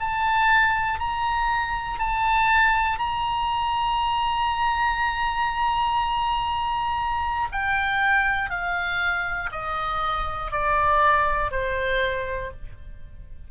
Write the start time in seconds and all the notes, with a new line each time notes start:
0.00 A5
0.99 A#5
1.99 A5
2.99 A#5
7.51 G5
8.50 F5
9.51 D#5
10.51 D5
11.50 C5